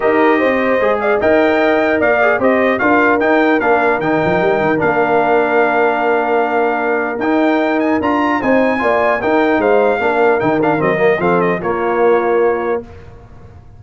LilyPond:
<<
  \new Staff \with { instrumentName = "trumpet" } { \time 4/4 \tempo 4 = 150 dis''2~ dis''8 f''8 g''4~ | g''4 f''4 dis''4 f''4 | g''4 f''4 g''2 | f''1~ |
f''2 g''4. gis''8 | ais''4 gis''2 g''4 | f''2 g''8 f''8 dis''4 | f''8 dis''8 cis''2. | }
  \new Staff \with { instrumentName = "horn" } { \time 4/4 ais'4 c''4. d''8 dis''4~ | dis''4 d''4 c''4 ais'4~ | ais'1~ | ais'1~ |
ais'1~ | ais'4 c''4 d''4 ais'4 | c''4 ais'2. | a'4 f'2. | }
  \new Staff \with { instrumentName = "trombone" } { \time 4/4 g'2 gis'4 ais'4~ | ais'4. gis'8 g'4 f'4 | dis'4 d'4 dis'2 | d'1~ |
d'2 dis'2 | f'4 dis'4 f'4 dis'4~ | dis'4 d'4 dis'8 d'8 c'8 ais8 | c'4 ais2. | }
  \new Staff \with { instrumentName = "tuba" } { \time 4/4 dis'4 c'4 gis4 dis'4~ | dis'4 ais4 c'4 d'4 | dis'4 ais4 dis8 f8 g8 dis8 | ais1~ |
ais2 dis'2 | d'4 c'4 ais4 dis'4 | gis4 ais4 dis4 fis4 | f4 ais2. | }
>>